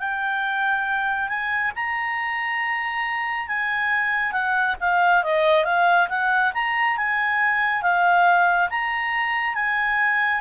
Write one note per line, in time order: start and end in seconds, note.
0.00 1.29 G5
1.29 1.72 G#5
1.75 3.48 A#5
3.48 4.32 G#5
4.32 4.76 F#5
4.81 5.24 F5
5.24 5.65 D#5
5.65 6.08 F5
6.09 6.53 F#5
6.54 6.97 A#5
6.97 7.83 G#5
7.83 8.70 F5
8.70 9.55 A#5
9.55 10.41 G#5